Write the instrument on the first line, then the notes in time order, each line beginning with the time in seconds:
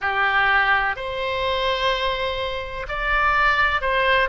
oboe
0.01 G4
0.96 C5
2.88 D5
3.81 C5